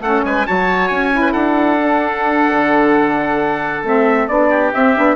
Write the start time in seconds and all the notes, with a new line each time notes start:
0.00 A3 C#4 A4 F#5
0.23 G#3 B4 G#5
0.46 F#3 F#4 C#5 A5
0.88 C#4 G#5
1.11 E4
1.21 B4
1.32 D4 A4 F#5
1.78 D4
2.52 D3
3.83 A3 C4 E5
4.28 B3 D4 D5
4.49 G4
4.73 C4 E5
4.95 B3 D4